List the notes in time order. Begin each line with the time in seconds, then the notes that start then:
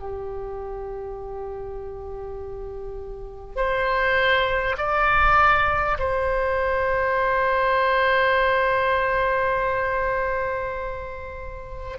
0.00 G4
3.57 C5
4.78 D5
5.99 C5